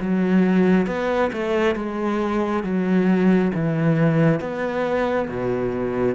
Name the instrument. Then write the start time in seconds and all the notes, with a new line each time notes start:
cello
0.00 F#3
0.86 B3
1.32 A3
1.75 G#3
2.63 F#3
3.54 E3
4.40 B3
5.28 B2